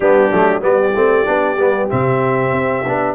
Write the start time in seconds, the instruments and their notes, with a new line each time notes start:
0.00 tuba G3, trombone B3, horn D4, trumpet G4
0.31 tuba F#3, trombone A3
0.61 tuba G3, trombone B3, trumpet D5
0.67 horn G4
0.94 tuba A3, trombone C4
1.25 tuba B3, trombone D4
1.57 tuba G3, trombone B3
1.89 tuba C3, trombone C4, trumpet E5
2.52 tuba C4
2.85 tuba B3, trombone D4